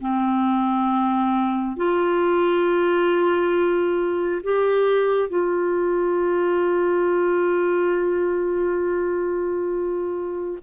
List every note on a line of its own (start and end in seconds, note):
0.00 1.76 C4
1.76 4.41 F4
4.43 5.29 G4
5.29 10.58 F4